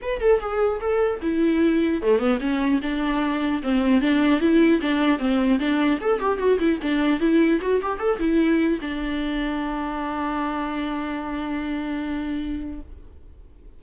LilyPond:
\new Staff \with { instrumentName = "viola" } { \time 4/4 \tempo 4 = 150 b'8 a'8 gis'4 a'4 e'4~ | e'4 a8 b8 cis'4 d'4~ | d'4 c'4 d'4 e'4 | d'4 c'4 d'4 a'8 g'8 |
fis'8 e'8 d'4 e'4 fis'8 g'8 | a'8 e'4. d'2~ | d'1~ | d'1 | }